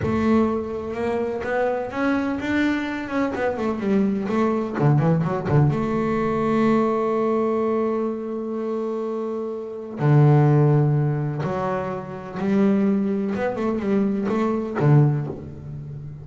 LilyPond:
\new Staff \with { instrumentName = "double bass" } { \time 4/4 \tempo 4 = 126 a2 ais4 b4 | cis'4 d'4. cis'8 b8 a8 | g4 a4 d8 e8 fis8 d8 | a1~ |
a1~ | a4 d2. | fis2 g2 | b8 a8 g4 a4 d4 | }